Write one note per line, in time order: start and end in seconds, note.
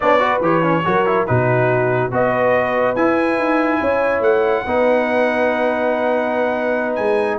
0.00 0.40 B3
0.00 0.19 D4
0.00 0.20 C#5
0.00 0.41 D5
0.19 0.40 F#4
0.19 0.83 B4
0.40 0.82 E3
0.40 0.62 G4
0.40 1.26 C#5
0.62 0.83 C#4
0.84 1.28 F#3
0.84 1.05 F#4
0.84 1.28 A#4
1.06 1.27 E4
1.26 2.12 B2
1.26 2.11 D#4
1.26 2.13 F#4
1.26 2.11 B4
2.11 2.96 B3
2.11 2.95 F#4
2.11 3.80 B4
2.11 2.95 D#5
2.95 3.38 E4
2.95 4.66 E4
2.95 4.22 G#5
3.38 3.80 D#4
3.80 4.20 C#4
3.80 4.64 C#5
4.20 4.62 A3
4.20 6.95 F#5
4.64 6.98 B3
4.64 7.39 D#4
4.64 7.39 B4
6.95 7.39 G#3
6.95 7.37 G#5